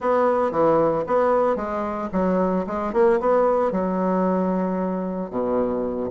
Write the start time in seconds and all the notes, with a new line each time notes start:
0.00 B3
0.51 E3
1.06 B3
1.55 G#3
2.12 F#3
2.67 G#3
2.93 A#3
3.20 B3
3.71 F#3
5.30 B2